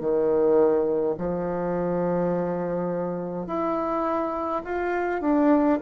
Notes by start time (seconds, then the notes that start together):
0.00 D#3
1.17 F3
3.47 E4
4.65 F4
5.21 D4